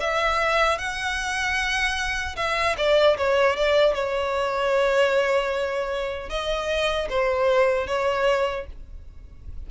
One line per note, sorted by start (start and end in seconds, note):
0.00 0.78 E5
0.78 2.36 F#5
2.36 2.76 E5
2.77 3.17 D5
3.17 3.56 C#5
3.56 3.94 D5
3.94 6.29 C#5
6.29 7.08 D#5
7.09 7.87 C5
7.87 8.66 C#5